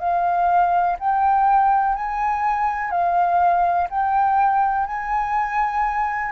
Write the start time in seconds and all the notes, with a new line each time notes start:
0.00 F5
0.99 G5
1.95 G#5
2.91 F5
3.90 G5
4.87 G#5